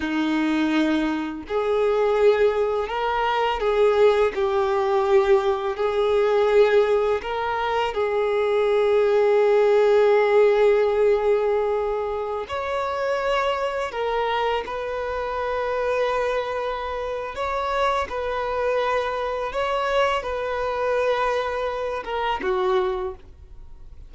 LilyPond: \new Staff \with { instrumentName = "violin" } { \time 4/4 \tempo 4 = 83 dis'2 gis'2 | ais'4 gis'4 g'2 | gis'2 ais'4 gis'4~ | gis'1~ |
gis'4~ gis'16 cis''2 ais'8.~ | ais'16 b'2.~ b'8. | cis''4 b'2 cis''4 | b'2~ b'8 ais'8 fis'4 | }